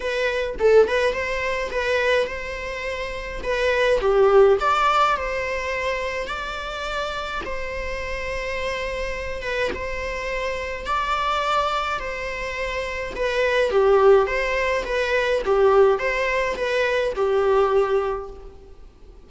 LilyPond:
\new Staff \with { instrumentName = "viola" } { \time 4/4 \tempo 4 = 105 b'4 a'8 b'8 c''4 b'4 | c''2 b'4 g'4 | d''4 c''2 d''4~ | d''4 c''2.~ |
c''8 b'8 c''2 d''4~ | d''4 c''2 b'4 | g'4 c''4 b'4 g'4 | c''4 b'4 g'2 | }